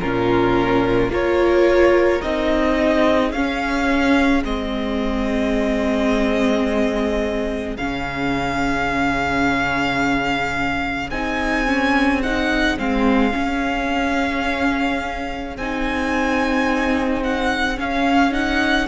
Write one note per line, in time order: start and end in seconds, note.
0.00 1.09 A#2
0.00 1.11 C#4
0.00 1.11 F4
0.00 1.12 A#4
1.09 2.20 A#3
1.09 2.22 F4
1.09 2.78 A#4
1.09 2.22 C#5
2.22 3.33 C4
2.22 3.34 D#4
2.22 3.32 D#5
2.78 18.89 G#4
3.32 4.44 C#4
3.32 4.45 C#4
3.32 4.44 F5
4.45 7.78 G#3
4.45 7.78 C4
4.45 7.77 D#5
7.77 11.11 C#3
7.77 11.12 C#4
7.77 11.11 F5
11.11 12.78 C4
11.11 11.67 D#4
11.11 12.22 G#5
11.67 12.23 C#4
12.23 12.78 D#4
12.23 12.79 F#5
12.78 13.35 G#3
12.78 13.32 C4
12.78 15.57 F5
13.32 15.54 C#4
13.32 15.57 C#4
15.57 17.78 C4
15.57 17.76 D#4
15.57 17.24 G#5
17.24 17.79 F#5
17.76 18.32 C#4
17.76 18.89 C#4
17.76 18.34 F5
18.32 18.87 D#4
18.32 18.89 F#5